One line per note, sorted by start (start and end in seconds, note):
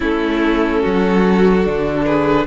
0.00 0.83 A3
0.00 1.63 C#4
0.00 0.81 E4
0.00 2.05 A4
0.81 1.66 F#3
0.81 2.04 F#4
1.64 2.47 D3
1.64 2.46 D4
2.05 2.47 G#4
2.05 2.46 B4